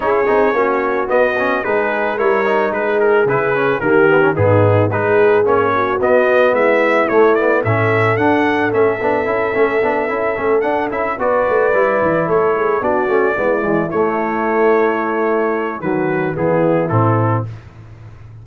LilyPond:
<<
  \new Staff \with { instrumentName = "trumpet" } { \time 4/4 \tempo 4 = 110 cis''2 dis''4 b'4 | cis''4 b'8 ais'8 b'4 ais'4 | gis'4 b'4 cis''4 dis''4 | e''4 cis''8 d''8 e''4 fis''4 |
e''2.~ e''8 fis''8 | e''8 d''2 cis''4 d''8~ | d''4. cis''2~ cis''8~ | cis''4 b'4 gis'4 a'4 | }
  \new Staff \with { instrumentName = "horn" } { \time 4/4 gis'4 fis'2 gis'4 | ais'4 gis'2 g'4 | dis'4 gis'4. fis'4. | e'2 a'2~ |
a'1~ | a'8 b'2 a'8 gis'8 fis'8~ | fis'8 e'2.~ e'8~ | e'4 fis'4 e'2 | }
  \new Staff \with { instrumentName = "trombone" } { \time 4/4 e'8 dis'8 cis'4 b8 cis'8 dis'4 | e'8 dis'4. e'8 cis'8 ais8 b16 cis'16 | b4 dis'4 cis'4 b4~ | b4 a8 b8 cis'4 d'4 |
cis'8 d'8 e'8 cis'8 d'8 e'8 cis'8 d'8 | e'8 fis'4 e'2 d'8 | cis'8 b8 gis8 a2~ a8~ | a4 fis4 b4 c'4 | }
  \new Staff \with { instrumentName = "tuba" } { \time 4/4 cis'8 c'8 ais4 b4 gis4 | g4 gis4 cis4 dis4 | gis,4 gis4 ais4 b4 | gis4 a4 a,4 d'4 |
a8 b8 cis'8 a8 b8 cis'8 a8 d'8 | cis'8 b8 a8 g8 e8 a4 b8 | a8 gis8 e8 a2~ a8~ | a4 dis4 e4 a,4 | }
>>